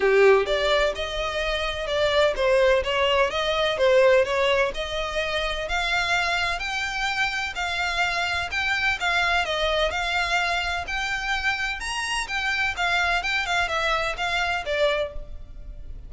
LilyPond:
\new Staff \with { instrumentName = "violin" } { \time 4/4 \tempo 4 = 127 g'4 d''4 dis''2 | d''4 c''4 cis''4 dis''4 | c''4 cis''4 dis''2 | f''2 g''2 |
f''2 g''4 f''4 | dis''4 f''2 g''4~ | g''4 ais''4 g''4 f''4 | g''8 f''8 e''4 f''4 d''4 | }